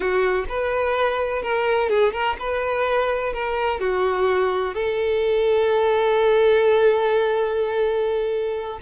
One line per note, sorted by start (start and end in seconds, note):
0.00 0.45 F#4
0.48 1.42 B4
1.42 1.89 A#4
1.89 2.12 G#4
2.12 2.36 A#4
2.39 3.33 B4
3.33 3.80 A#4
3.80 4.74 F#4
4.74 8.79 A4